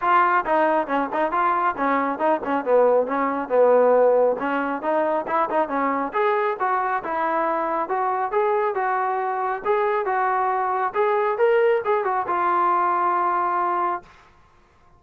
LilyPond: \new Staff \with { instrumentName = "trombone" } { \time 4/4 \tempo 4 = 137 f'4 dis'4 cis'8 dis'8 f'4 | cis'4 dis'8 cis'8 b4 cis'4 | b2 cis'4 dis'4 | e'8 dis'8 cis'4 gis'4 fis'4 |
e'2 fis'4 gis'4 | fis'2 gis'4 fis'4~ | fis'4 gis'4 ais'4 gis'8 fis'8 | f'1 | }